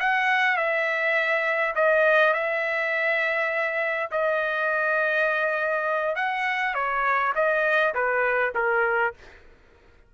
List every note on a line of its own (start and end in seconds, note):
0.00 0.57 F#5
0.57 1.75 E5
1.76 2.34 D#5
2.34 4.10 E5
4.12 6.16 D#5
6.16 6.75 F#5
6.75 7.34 C#5
7.36 7.94 D#5
7.95 8.54 B4
8.55 9.14 A#4